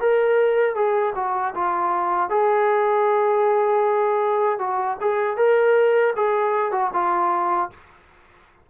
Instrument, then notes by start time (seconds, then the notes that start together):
trombone
0.00 A#4
0.75 G#4
1.15 F#4
1.54 F4
2.29 G#4
4.58 F#4
5.00 G#4
5.36 A#4
6.15 G#4
6.71 F#4
6.93 F4